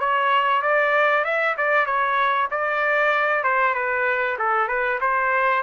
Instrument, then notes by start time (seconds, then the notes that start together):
trumpet
0.00 C#5
0.62 D5
1.24 E5
1.57 D5
1.86 C#5
2.51 D5
3.44 C5
3.75 B4
4.39 A4
4.68 B4
5.01 C5